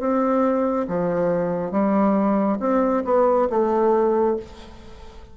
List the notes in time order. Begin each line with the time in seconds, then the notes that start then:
0.00 C4
0.88 F3
1.72 G3
2.60 C4
3.05 B3
3.50 A3